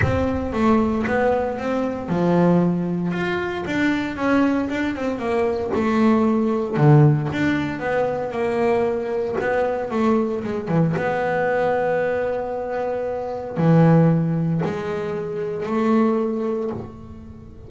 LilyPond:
\new Staff \with { instrumentName = "double bass" } { \time 4/4 \tempo 4 = 115 c'4 a4 b4 c'4 | f2 f'4 d'4 | cis'4 d'8 c'8 ais4 a4~ | a4 d4 d'4 b4 |
ais2 b4 a4 | gis8 e8 b2.~ | b2 e2 | gis2 a2 | }